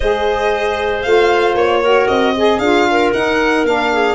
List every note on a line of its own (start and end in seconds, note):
0.00 1.05 G#3
0.00 1.05 G#4
0.00 1.81 C5
0.00 1.02 D#5
1.02 1.54 A3
1.02 1.83 F4
1.02 1.54 F5
1.54 2.06 A#3
1.54 2.07 C#5
1.81 2.35 F#4
1.81 2.33 A#4
2.07 2.58 C4
2.07 2.58 D#5
2.36 2.62 G#4
2.36 2.89 G#4
2.58 3.11 D4
2.58 3.14 F4
2.58 3.10 F5
2.90 3.92 A#4
3.13 3.64 D#4
3.13 3.65 D#4
3.13 3.65 F#5
3.64 4.15 A#3
3.64 4.15 D4
3.64 4.15 F5
3.92 4.15 G#4